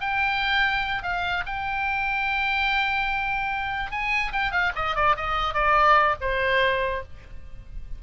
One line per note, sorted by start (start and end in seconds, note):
0.00 1.02 G5
1.02 1.43 F5
1.46 3.91 G5
3.91 4.32 G#5
4.32 4.51 G5
4.51 4.72 F5
4.75 4.95 D#5
4.95 5.16 D5
5.16 5.54 D#5
5.54 6.16 D5
6.20 7.03 C5